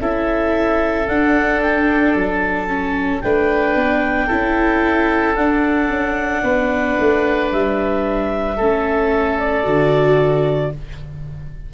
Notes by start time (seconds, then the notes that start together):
0.00 C#4 E4 A4 E5
1.07 D4 F#5
1.62 G5
2.14 F#3 A5
2.68 C#4
3.21 A3 D4 B4 G5
3.75 B3
4.27 C#4 E4 A4
5.35 D4 F#5
5.89 C#4
6.43 B3 B4
6.99 A3
7.52 G3 E5
8.56 A3 C#4 A4
9.39 D5
9.64 D3 F#4